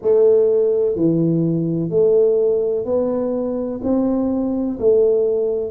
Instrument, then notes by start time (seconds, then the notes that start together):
tuba
0.02 A3
0.95 E3
1.90 A3
2.85 B3
3.83 C4
4.79 A3